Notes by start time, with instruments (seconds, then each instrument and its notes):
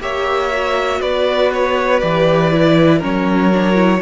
0.00 cello A#3, viola G4, violin C#5 E5
0.53 viola F#4
1.01 cello B3, violin B4 D5
1.53 violin C#5
1.99 cello E3, viola G4, violin D5
2.52 viola E4
2.99 cello F#3, viola C#4, violin A#4 C#5
3.53 viola D4
3.74 viola E4